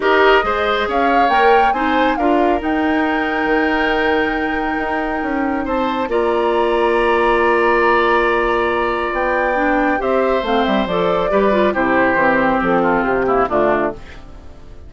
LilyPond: <<
  \new Staff \with { instrumentName = "flute" } { \time 4/4 \tempo 4 = 138 dis''2 f''4 g''4 | gis''4 f''4 g''2~ | g''1~ | g''4 a''4 ais''2~ |
ais''1~ | ais''4 g''2 e''4 | f''8 e''8 d''2 c''4~ | c''4 a'4 g'4 f'4 | }
  \new Staff \with { instrumentName = "oboe" } { \time 4/4 ais'4 c''4 cis''2 | c''4 ais'2.~ | ais'1~ | ais'4 c''4 d''2~ |
d''1~ | d''2. c''4~ | c''2 b'4 g'4~ | g'4. f'4 e'8 d'4 | }
  \new Staff \with { instrumentName = "clarinet" } { \time 4/4 g'4 gis'2 ais'4 | dis'4 f'4 dis'2~ | dis'1~ | dis'2 f'2~ |
f'1~ | f'2 d'4 g'4 | c'4 a'4 g'8 f'8 e'4 | c'2~ c'8 ais8 a4 | }
  \new Staff \with { instrumentName = "bassoon" } { \time 4/4 dis'4 gis4 cis'4 ais4 | c'4 d'4 dis'2 | dis2. dis'4 | cis'4 c'4 ais2~ |
ais1~ | ais4 b2 c'4 | a8 g8 f4 g4 c4 | e4 f4 c4 d4 | }
>>